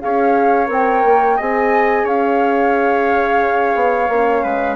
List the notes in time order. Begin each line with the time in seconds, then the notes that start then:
0.00 C#4 G#4 C#5 F5
0.67 C4 A#4 G5
1.04 A#3
1.37 C4 G#4 D#5 G#5
2.04 C#4 C#5 F5
3.74 B3
4.08 A#3 C#4
4.43 G#3 B4